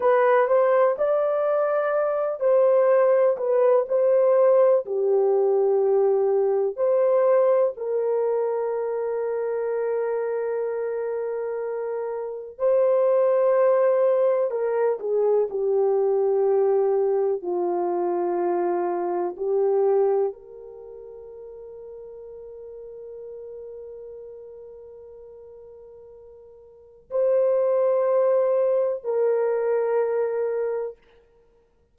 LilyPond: \new Staff \with { instrumentName = "horn" } { \time 4/4 \tempo 4 = 62 b'8 c''8 d''4. c''4 b'8 | c''4 g'2 c''4 | ais'1~ | ais'4 c''2 ais'8 gis'8 |
g'2 f'2 | g'4 ais'2.~ | ais'1 | c''2 ais'2 | }